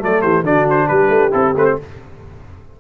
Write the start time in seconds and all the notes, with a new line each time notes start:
0.00 F#3 A3 A4 D5
0.22 E3 G4 C5
0.43 D3 D4 F#4 D5
0.70 C5
0.88 G3 G4 B4
1.09 A3
1.31 C4 E4 A4
1.56 A3 C4 B4
1.65 C5